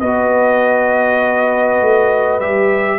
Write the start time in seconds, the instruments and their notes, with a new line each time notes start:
0.00 tuba B3, trombone F#4, horn B4, trumpet D#5
1.81 tuba A3
2.40 tuba G3, trombone G4, trumpet E5